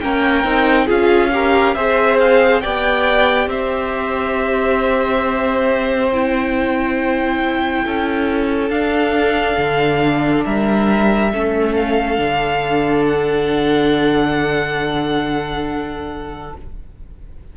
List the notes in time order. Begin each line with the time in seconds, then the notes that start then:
0.00 A#3 C#4 A#4 G5
0.44 C4 D#4
0.86 C#4 F4 G#4 F5
1.32 G4 A#4
1.74 C4 G#4 C5 E5
2.19 F5
2.61 B3 G4 D5 G5
3.46 C4 C5 E5
6.12 E4 G5
7.86 C#4 A4
8.70 D4 F5
9.57 D3
10.45 G3 A#4 E5
11.33 A3 C#4 A4
11.75 F5
12.17 D3 D4
13.05 F#5